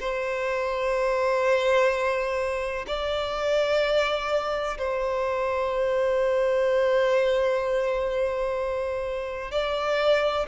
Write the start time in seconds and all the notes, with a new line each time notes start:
0.00 C5
2.87 D5
4.78 C5
9.51 D5